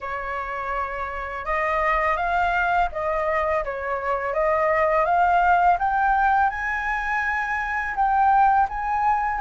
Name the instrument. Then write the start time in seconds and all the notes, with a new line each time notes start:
flute
0.00 C#5
1.45 D#5
2.16 F5
2.91 D#5
3.64 C#5
4.33 D#5
5.05 F5
5.78 G5
6.50 G#5
7.95 G5
8.68 G#5